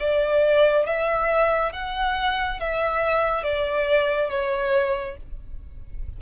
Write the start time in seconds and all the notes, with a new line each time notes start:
0.00 D5
0.87 E5
1.73 F#5
2.60 E5
3.44 D5
4.30 C#5